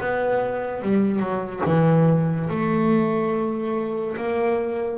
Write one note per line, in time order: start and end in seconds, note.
0.00 0.82 B3
0.82 1.20 G3
1.20 1.62 F#3
1.66 2.50 E3
2.50 4.17 A3
4.17 4.98 A#3